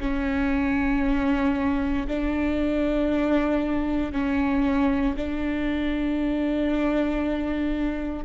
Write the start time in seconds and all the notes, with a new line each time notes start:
0.00 C#4
2.07 D4
4.12 C#4
5.17 D4